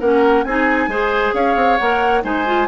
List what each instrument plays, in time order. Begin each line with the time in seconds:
0.00 bassoon A#3, clarinet C#4, oboe A#4, flute F#5
0.44 bassoon C4, clarinet D#4, oboe G#4, flute G#5
0.87 bassoon G#3, clarinet G#4, oboe C5
1.33 bassoon C#4, oboe C#5, flute F5
1.55 bassoon C4
1.77 bassoon A#3, clarinet A#4, flute F#5
2.22 bassoon G#3, clarinet D#4, oboe C5, flute G#5
2.45 clarinet F4